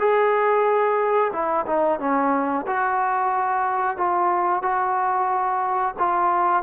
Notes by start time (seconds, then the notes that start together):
0.00 G#4
1.33 E4
1.67 D#4
2.00 C#4
2.67 F#4
3.97 F4
4.63 F#4
5.99 F4